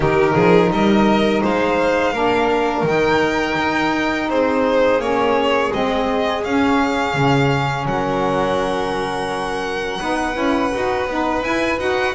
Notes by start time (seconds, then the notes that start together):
0.00 D#3 D#4 G4 A#4
0.34 F3 G#4
0.70 G3 A#4 D#5
1.42 G#3 C5 F5
2.12 A#3 D4 A#4
2.82 D#3 D#4 G5
3.58 D#4
4.29 C4 G#4 C5
4.99 A#3 C#4 C#5
5.71 G#3 C4 D#5
6.44 C#4 F5
7.14 C#3
7.85 F#3 A#4 F#5
10.00 B3 D#4 B4
10.33 C#4 E4
10.72 D#4 F#4
11.07 B3 D#4
11.42 E4 G#5
11.78 D#4 F#4 F#5